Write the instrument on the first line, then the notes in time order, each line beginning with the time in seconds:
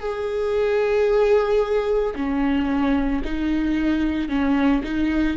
viola
0.00 G#4
2.15 C#4
3.24 D#4
4.29 C#4
4.83 D#4